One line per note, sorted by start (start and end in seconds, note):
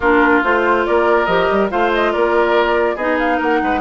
0.00 0.42 A#3
0.00 0.43 D4
0.00 0.84 F4
0.00 0.43 A#4
0.43 0.86 A3
0.43 1.28 F4
0.43 0.85 C5
0.85 1.27 A#3
0.85 1.71 A#4
0.85 1.26 D5
1.26 1.48 F3
1.26 1.70 G4
1.26 1.68 D#5
1.50 1.71 G3
1.70 2.14 A3
1.70 2.97 F4
1.70 2.12 C5
1.70 1.92 F5
1.93 2.12 D#5
2.12 2.96 A#3
2.12 2.95 A#4
2.12 2.96 D5
2.95 3.38 B3
2.95 3.80 D#4
2.95 3.37 G#4
2.95 3.18 D#5
3.19 3.40 F5
3.37 3.62 A#3
3.37 3.58 A#4
3.37 3.80 F#5
3.62 3.80 G#3
3.62 3.80 B4